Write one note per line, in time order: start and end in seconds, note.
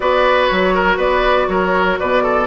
0.00 0.50 B3
0.00 2.46 F#4
0.00 0.74 B4
0.00 0.47 D5
0.47 0.97 F#3
0.47 0.97 C#5
0.74 0.97 A#4
0.97 1.46 B3
0.97 1.46 B4
0.97 1.48 D5
1.48 1.97 F#3
1.48 1.99 A#4
1.48 1.98 C#5
1.99 2.46 B2
1.99 2.23 B4
1.99 2.46 D5
2.23 2.46 A4